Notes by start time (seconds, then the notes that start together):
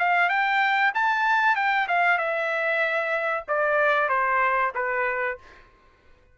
0.00 F5
0.30 G5
0.95 A5
1.56 G5
1.88 F5
2.18 E5
3.48 D5
4.09 C5
4.75 B4